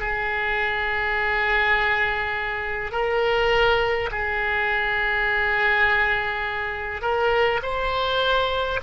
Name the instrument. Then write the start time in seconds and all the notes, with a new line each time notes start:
oboe
0.00 G#4
2.92 A#4
4.11 G#4
7.02 A#4
7.63 C5